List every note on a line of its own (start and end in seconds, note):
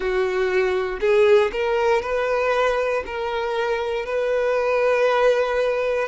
0.00 0.99 F#4
1.00 1.51 G#4
1.52 2.02 A#4
2.02 3.03 B4
3.06 4.05 A#4
4.05 6.08 B4